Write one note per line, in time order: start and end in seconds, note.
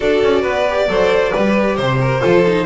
0.00 0.22 D4
0.00 0.66 F#4
0.00 0.41 A4
0.00 1.78 D5
0.22 0.43 C#4
0.41 0.87 B3
0.41 0.86 B4
0.68 0.88 G4
0.87 1.32 F#3
0.87 1.33 A4
0.87 1.32 C5
1.32 1.78 G3
1.32 2.21 G4
1.32 1.76 B4
1.76 2.22 C3
1.76 1.98 C5
1.76 2.65 C5
2.00 2.21 A#4
2.21 2.65 F3
2.21 2.43 F4
2.21 2.65 A4
2.46 2.65 D#4